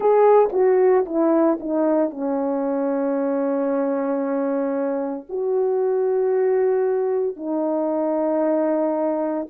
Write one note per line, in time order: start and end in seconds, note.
0.00 0.49 G#4
0.52 1.05 F#4
1.05 1.58 E4
1.59 2.10 D#4
2.10 5.26 C#4
5.29 7.36 F#4
7.36 9.46 D#4